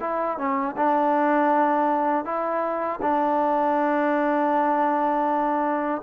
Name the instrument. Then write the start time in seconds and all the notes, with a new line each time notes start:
trombone
0.00 E4
0.38 C#4
0.76 D4
2.25 E4
3.02 D4